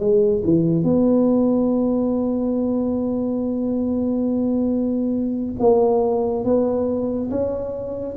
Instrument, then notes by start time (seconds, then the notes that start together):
tuba
0.00 G#3
0.45 E3
0.84 B3
5.59 A#3
6.45 B3
7.31 C#4